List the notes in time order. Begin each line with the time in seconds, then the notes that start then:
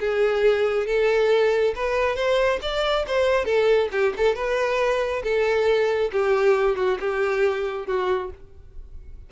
0.00 G#4
0.87 A4
1.76 B4
2.16 C5
2.62 D5
3.07 C5
3.45 A4
3.92 G4
4.17 A4
4.35 B4
5.24 A4
6.12 G4
6.76 F#4
7.01 G4
7.87 F#4